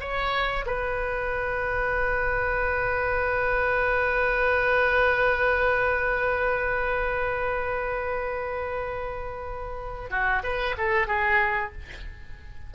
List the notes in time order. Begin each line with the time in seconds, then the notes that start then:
0.00 C#5
0.66 B4
10.10 F#4
10.43 B4
10.78 A4
11.07 G#4